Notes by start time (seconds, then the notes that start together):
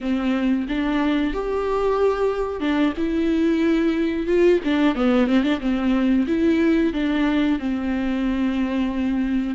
0.00 C4
0.68 D4
1.33 G4
2.60 D4
2.97 E4
4.26 F4
4.64 D4
4.95 B3
5.27 C4
5.43 D4
5.60 C4
6.27 E4
6.93 D4
7.59 C4